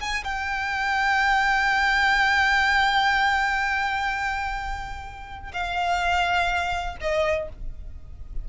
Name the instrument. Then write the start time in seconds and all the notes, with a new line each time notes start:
violin
0.00 G#5
0.24 G5
5.53 F5
7.00 D#5